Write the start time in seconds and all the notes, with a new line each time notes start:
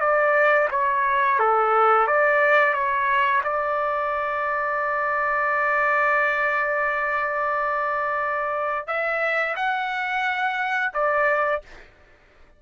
0.00 D5
0.71 C#5
1.39 A4
2.07 D5
2.73 C#5
3.43 D5
8.87 E5
9.56 F#5
10.94 D5